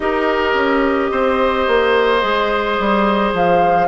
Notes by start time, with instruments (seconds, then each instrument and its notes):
0.00 bassoon D#4, clarinet G4, oboe A#4, flute D#5
0.54 bassoon C#4
1.11 bassoon C4, oboe C5
1.67 bassoon A#3
2.20 bassoon G#3, clarinet G#4
2.79 bassoon G3
3.33 bassoon F3, flute F5